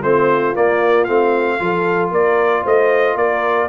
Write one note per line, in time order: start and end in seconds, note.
0.00 0.55 A3
0.00 0.54 C4
0.00 1.58 F4
0.00 0.55 C5
0.54 1.07 A#3
0.54 1.04 D5
1.04 1.60 A3
1.04 1.59 C4
1.04 2.09 F5
1.59 2.11 F3
1.59 3.69 F4
1.59 2.11 A4
2.11 2.64 A#3
2.11 2.62 A#4
2.11 2.65 D5
2.62 3.16 A3
2.62 3.15 C5
2.62 3.17 D#5
3.16 3.68 A#3
3.16 3.69 A#4
3.16 3.69 D5